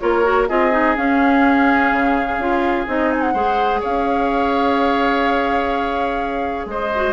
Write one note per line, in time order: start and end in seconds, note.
0.00 0.50 A#3
0.00 0.24 F4
0.00 0.49 A#4
0.00 0.48 C#5
0.24 0.48 F#4
0.49 0.96 C4
0.49 0.71 F4
0.49 3.34 G#4
0.49 0.96 D#5
0.71 0.95 D#4
0.96 2.39 C#4
0.96 1.91 C#4
0.96 2.88 F5
1.92 2.38 C#3
2.38 2.85 C#4
2.38 2.87 F4
2.87 3.34 C4
2.87 3.34 D#4
2.87 3.11 D#5
3.11 3.21 G#5
3.21 3.81 F#5
3.34 3.82 G#3
3.34 6.92 G#4
3.34 3.80 C5
3.80 6.66 C#4
3.80 6.66 C#5
3.80 6.67 F5
6.66 7.13 G#3
6.66 7.13 C5
6.66 7.13 D#5
6.95 7.13 F#4